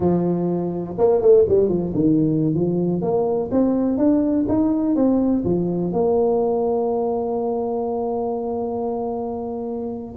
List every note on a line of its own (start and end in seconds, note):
0.00 0.96 F3
0.98 1.21 A#3
1.21 1.45 A3
1.48 1.68 G3
1.68 1.93 F3
1.94 2.54 D#3
2.54 3.01 F3
3.01 3.50 A#3
3.51 3.97 C4
3.97 4.46 D4
4.48 4.95 D#4
4.95 5.43 C4
5.44 5.92 F3
5.92 10.15 A#3